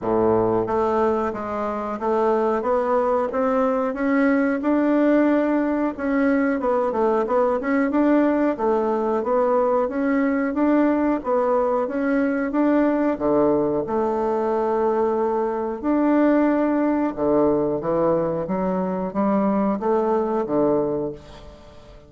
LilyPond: \new Staff \with { instrumentName = "bassoon" } { \time 4/4 \tempo 4 = 91 a,4 a4 gis4 a4 | b4 c'4 cis'4 d'4~ | d'4 cis'4 b8 a8 b8 cis'8 | d'4 a4 b4 cis'4 |
d'4 b4 cis'4 d'4 | d4 a2. | d'2 d4 e4 | fis4 g4 a4 d4 | }